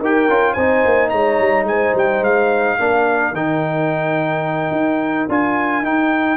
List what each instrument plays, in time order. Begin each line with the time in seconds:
0.00 tuba D#4, trombone G4, horn A#4, trumpet G5
0.29 tuba C#4, trombone F4
0.54 tuba C4, trombone D#4, horn C5, trumpet G#5
0.85 tuba A#3
1.10 tuba G#3, horn C#5, trumpet A#5
1.40 tuba G3
1.64 tuba G#3, horn C5, trumpet G#5
1.95 tuba G3, trumpet G5
2.21 tuba G#3, trumpet F5
2.79 tuba A#3, trombone D4, horn A#4
3.33 tuba D#3, trombone D#4, trumpet G5
4.71 tuba D#4
5.29 tuba D4, trombone F4, trumpet G#5
5.83 tuba D#4, trombone D#4, trumpet G5